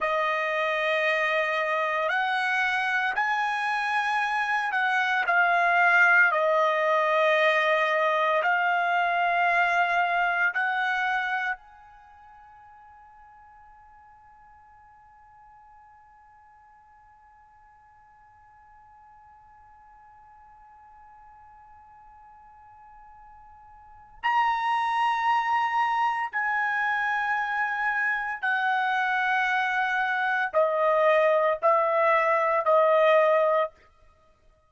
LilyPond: \new Staff \with { instrumentName = "trumpet" } { \time 4/4 \tempo 4 = 57 dis''2 fis''4 gis''4~ | gis''8 fis''8 f''4 dis''2 | f''2 fis''4 gis''4~ | gis''1~ |
gis''1~ | gis''2. ais''4~ | ais''4 gis''2 fis''4~ | fis''4 dis''4 e''4 dis''4 | }